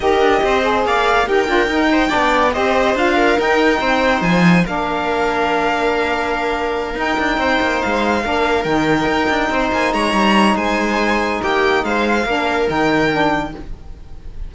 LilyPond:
<<
  \new Staff \with { instrumentName = "violin" } { \time 4/4 \tempo 4 = 142 dis''2 f''4 g''4~ | g''2 dis''4 f''4 | g''2 gis''4 f''4~ | f''1~ |
f''8 g''2 f''4.~ | f''8 g''2~ g''8 gis''8 ais''8~ | ais''4 gis''2 g''4 | f''2 g''2 | }
  \new Staff \with { instrumentName = "viola" } { \time 4/4 ais'4 c''4 d''4 ais'4~ | ais'8 c''8 d''4 c''4. ais'8~ | ais'4 c''2 ais'4~ | ais'1~ |
ais'4. c''2 ais'8~ | ais'2~ ais'8 c''4 cis''8~ | cis''4 c''2 g'4 | c''4 ais'2. | }
  \new Staff \with { instrumentName = "saxophone" } { \time 4/4 g'4. gis'4. g'8 f'8 | dis'4 d'4 g'4 f'4 | dis'2. d'4~ | d'1~ |
d'8 dis'2. d'8~ | d'8 dis'2.~ dis'8~ | dis'1~ | dis'4 d'4 dis'4 d'4 | }
  \new Staff \with { instrumentName = "cello" } { \time 4/4 dis'8 d'8 c'4 ais4 dis'8 d'8 | dis'4 b4 c'4 d'4 | dis'4 c'4 f4 ais4~ | ais1~ |
ais8 dis'8 d'8 c'8 ais8 gis4 ais8~ | ais8 dis4 dis'8 d'8 c'8 ais8 gis8 | g4 gis2 ais4 | gis4 ais4 dis2 | }
>>